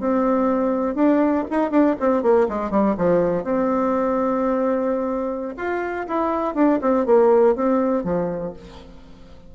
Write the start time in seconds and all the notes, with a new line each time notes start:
0.00 C4
0.95 D4
1.50 D#4
1.71 D4
2.00 C4
2.23 A#3
2.49 G#3
2.71 G3
2.98 F3
3.44 C4
5.57 F4
6.08 E4
6.55 D4
6.81 C4
7.06 A#3
7.56 C4
8.04 F3